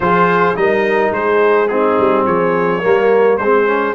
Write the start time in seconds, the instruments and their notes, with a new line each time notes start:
0.00 tuba F3, trombone F4, horn G#4, trumpet C5
0.55 tuba G3, trombone D#4, horn A#4, trumpet D#5
1.10 tuba G#3, horn G#4, trumpet C5
1.68 trombone C4, horn D#4, trumpet G#4
1.99 tuba G3
2.24 tuba F3, horn G#4, trumpet C#5
2.80 tuba G3, trombone A#3, horn A#4
3.37 tuba G#3, horn G#4, trumpet C5
3.43 trombone C4
3.67 trombone C#4